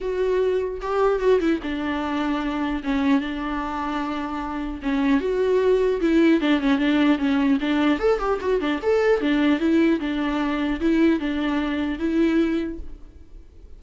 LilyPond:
\new Staff \with { instrumentName = "viola" } { \time 4/4 \tempo 4 = 150 fis'2 g'4 fis'8 e'8 | d'2. cis'4 | d'1 | cis'4 fis'2 e'4 |
d'8 cis'8 d'4 cis'4 d'4 | a'8 g'8 fis'8 d'8 a'4 d'4 | e'4 d'2 e'4 | d'2 e'2 | }